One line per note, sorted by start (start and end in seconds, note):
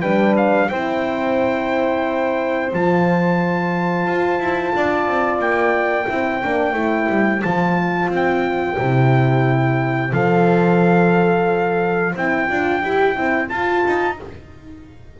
0.00 0.70 G3
0.00 0.70 D4
0.00 0.67 B4
0.00 0.34 G5
0.37 0.69 F5
0.69 2.72 C4
0.69 2.72 E4
0.69 4.74 C5
0.69 2.71 G5
2.72 4.07 F3
2.72 6.07 F4
2.72 5.40 A5
4.07 4.39 F4
4.39 4.73 E4
4.75 5.07 D4
4.75 6.06 D5
5.07 5.38 C4
5.38 6.06 A#3
5.38 7.42 G5
6.06 6.42 C4
6.06 6.41 E4
6.06 14.15 C5
6.43 6.73 A#3
6.43 6.73 D4
6.73 7.07 A3
6.73 7.40 E4
7.08 7.42 G3
7.42 8.08 F3
7.42 8.78 F4
7.42 8.09 A5
8.08 8.75 C4
8.15 10.13 G5
8.78 10.12 C3
8.78 10.12 E4
10.12 12.14 F3
10.12 12.14 A4
10.12 12.16 F5
12.15 12.49 C4
12.15 12.47 E4
12.15 13.48 G5
12.47 12.83 D4
12.47 12.81 F4
12.81 13.16 E4
12.81 13.14 G4
13.14 13.50 C4
13.14 13.48 E4
13.48 14.16 F4
13.48 13.84 F4
13.48 14.16 A5
13.86 14.20 D#4